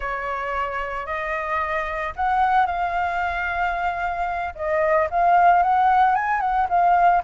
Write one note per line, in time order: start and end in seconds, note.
0.00 1.06 C#5
1.06 2.13 D#5
2.16 2.66 F#5
2.66 4.53 F5
4.55 5.08 D#5
5.10 5.62 F5
5.62 6.15 F#5
6.15 6.40 G#5
6.40 6.67 F#5
6.69 7.22 F5